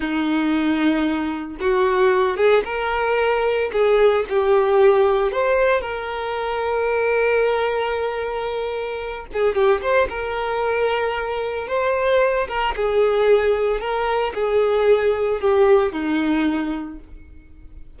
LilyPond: \new Staff \with { instrumentName = "violin" } { \time 4/4 \tempo 4 = 113 dis'2. fis'4~ | fis'8 gis'8 ais'2 gis'4 | g'2 c''4 ais'4~ | ais'1~ |
ais'4. gis'8 g'8 c''8 ais'4~ | ais'2 c''4. ais'8 | gis'2 ais'4 gis'4~ | gis'4 g'4 dis'2 | }